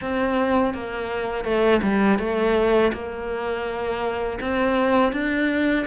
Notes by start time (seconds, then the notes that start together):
0.01 C4
0.74 A#3
1.44 A3
1.82 G3
2.19 A3
2.92 A#3
4.40 C4
5.12 D4